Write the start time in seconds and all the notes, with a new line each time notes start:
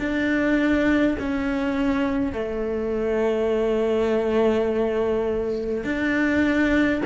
0.00 D4
1.19 C#4
2.33 A3
5.84 D4